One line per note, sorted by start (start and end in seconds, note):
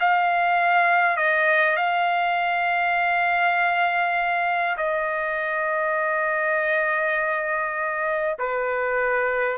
0.00 1.17 F5
1.17 1.76 D#5
1.76 4.76 F5
4.77 8.37 D#5
8.39 9.58 B4